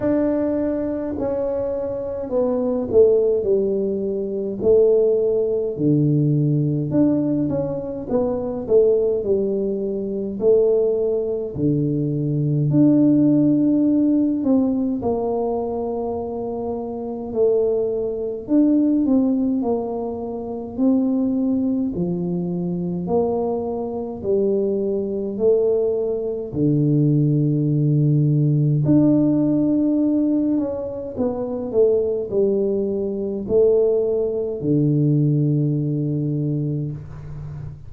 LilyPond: \new Staff \with { instrumentName = "tuba" } { \time 4/4 \tempo 4 = 52 d'4 cis'4 b8 a8 g4 | a4 d4 d'8 cis'8 b8 a8 | g4 a4 d4 d'4~ | d'8 c'8 ais2 a4 |
d'8 c'8 ais4 c'4 f4 | ais4 g4 a4 d4~ | d4 d'4. cis'8 b8 a8 | g4 a4 d2 | }